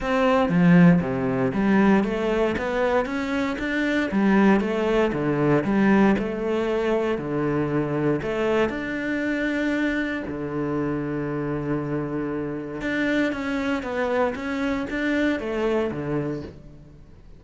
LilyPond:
\new Staff \with { instrumentName = "cello" } { \time 4/4 \tempo 4 = 117 c'4 f4 c4 g4 | a4 b4 cis'4 d'4 | g4 a4 d4 g4 | a2 d2 |
a4 d'2. | d1~ | d4 d'4 cis'4 b4 | cis'4 d'4 a4 d4 | }